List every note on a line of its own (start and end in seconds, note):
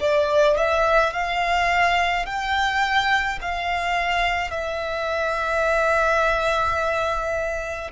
0.00 0.57 D5
0.57 1.13 E5
1.13 2.25 F5
2.25 3.39 G5
3.41 4.50 F5
4.50 7.90 E5